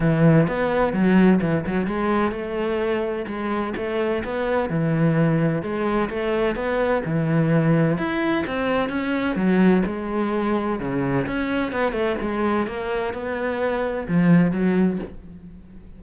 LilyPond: \new Staff \with { instrumentName = "cello" } { \time 4/4 \tempo 4 = 128 e4 b4 fis4 e8 fis8 | gis4 a2 gis4 | a4 b4 e2 | gis4 a4 b4 e4~ |
e4 e'4 c'4 cis'4 | fis4 gis2 cis4 | cis'4 b8 a8 gis4 ais4 | b2 f4 fis4 | }